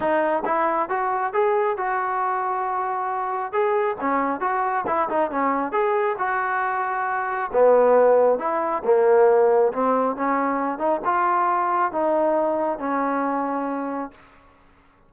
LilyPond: \new Staff \with { instrumentName = "trombone" } { \time 4/4 \tempo 4 = 136 dis'4 e'4 fis'4 gis'4 | fis'1 | gis'4 cis'4 fis'4 e'8 dis'8 | cis'4 gis'4 fis'2~ |
fis'4 b2 e'4 | ais2 c'4 cis'4~ | cis'8 dis'8 f'2 dis'4~ | dis'4 cis'2. | }